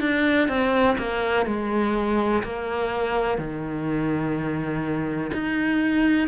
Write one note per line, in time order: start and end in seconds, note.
0.00 0.48 D4
0.48 0.97 C4
0.98 1.46 A#3
1.46 2.43 G#3
2.43 3.38 A#3
3.38 5.31 D#3
5.33 6.28 D#4